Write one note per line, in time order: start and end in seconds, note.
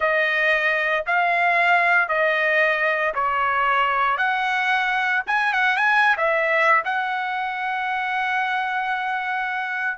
0.00 1.04 D#5
1.06 2.08 F5
2.08 3.13 D#5
3.14 4.17 C#5
4.17 5.22 F#5
5.26 5.53 G#5
5.53 5.76 F#5
5.76 6.16 G#5
6.17 6.83 E5
6.84 9.98 F#5